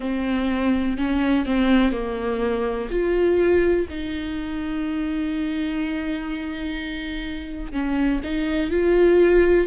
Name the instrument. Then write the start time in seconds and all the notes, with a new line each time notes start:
viola
0.00 C4
0.97 C#4
1.45 C4
1.91 A#3
2.90 F4
3.89 D#4
7.72 C#4
8.23 D#4
8.70 F4